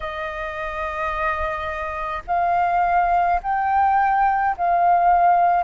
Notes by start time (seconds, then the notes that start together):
0.00 D#5
2.27 F5
3.42 G5
4.57 F5